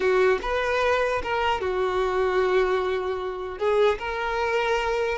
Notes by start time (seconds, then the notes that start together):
0.00 F#4
0.42 B4
1.22 A#4
1.60 F#4
3.58 G#4
3.99 A#4